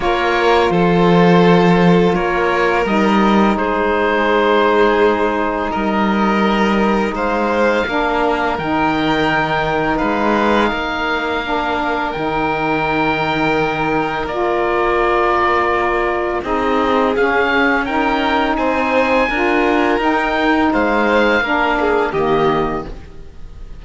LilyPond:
<<
  \new Staff \with { instrumentName = "oboe" } { \time 4/4 \tempo 4 = 84 cis''4 c''2 cis''4 | dis''4 c''2. | dis''2 f''2 | g''2 f''2~ |
f''4 g''2. | d''2. dis''4 | f''4 g''4 gis''2 | g''4 f''2 dis''4 | }
  \new Staff \with { instrumentName = "violin" } { \time 4/4 ais'4 a'2 ais'4~ | ais'4 gis'2. | ais'2 c''4 ais'4~ | ais'2 b'4 ais'4~ |
ais'1~ | ais'2. gis'4~ | gis'4 ais'4 c''4 ais'4~ | ais'4 c''4 ais'8 gis'8 g'4 | }
  \new Staff \with { instrumentName = "saxophone" } { \time 4/4 f'1 | dis'1~ | dis'2. d'4 | dis'1 |
d'4 dis'2. | f'2. dis'4 | cis'4 dis'2 f'4 | dis'2 d'4 ais4 | }
  \new Staff \with { instrumentName = "cello" } { \time 4/4 ais4 f2 ais4 | g4 gis2. | g2 gis4 ais4 | dis2 gis4 ais4~ |
ais4 dis2. | ais2. c'4 | cis'2 c'4 d'4 | dis'4 gis4 ais4 dis4 | }
>>